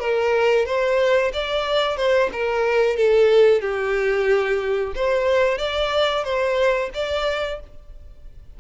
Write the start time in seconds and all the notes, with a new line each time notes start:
0.00 A#4
0.66 C5
1.33 D5
1.97 C5
2.33 A#4
2.96 A4
3.61 G4
4.96 C5
5.58 D5
6.24 C5
6.94 D5